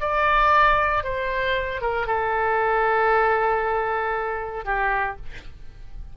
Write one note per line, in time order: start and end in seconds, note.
0.00 1.03 D5
1.04 1.81 C5
1.81 2.07 A#4
2.07 4.65 A4
4.65 5.16 G4